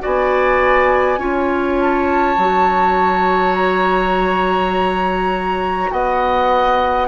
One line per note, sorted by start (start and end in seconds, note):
0.00 1.18 B3
0.00 1.18 F#4
0.00 1.19 D5
0.00 1.80 G#5
1.18 2.36 C#4
1.18 2.37 F4
1.18 5.90 C#5
1.80 3.56 A5
2.37 5.90 F#3
2.37 7.08 F#4
3.56 5.91 A#5
5.91 7.08 B3
5.91 7.08 D#5
5.91 7.08 F#5